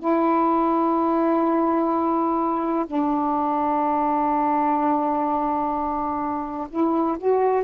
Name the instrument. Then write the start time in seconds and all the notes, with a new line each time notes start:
saxophone
0.00 E4
2.87 D4
6.70 E4
7.18 F#4